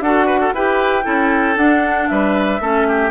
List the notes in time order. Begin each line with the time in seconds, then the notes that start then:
0.00 D4 F#4 A4 F#5
0.26 B4
0.40 A4
0.52 E4 G4 B4 G5
1.03 C#4 E4 A4
1.56 D4 F#5
2.08 G3 B4 E5
2.60 A3 C#4 A4
2.88 G4